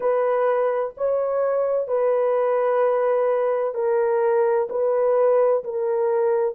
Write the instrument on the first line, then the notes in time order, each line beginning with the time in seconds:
horn
0.00 B4
0.97 C#5
1.87 B4
3.74 A#4
4.69 B4
5.63 A#4